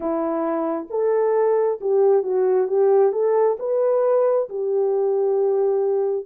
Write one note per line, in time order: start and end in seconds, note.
0.00 0.87 E4
0.90 1.79 A4
1.80 2.22 G4
2.22 2.67 F#4
2.67 3.12 G4
3.12 3.57 A4
3.59 4.48 B4
4.49 6.26 G4